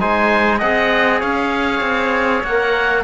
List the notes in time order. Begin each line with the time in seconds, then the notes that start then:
0.00 G#3 D#4 C5 G#5
0.59 C4 G#4 D#5 F#5
1.20 C#4 C#5 F5
1.81 C4
2.44 A#3 A#4 F#5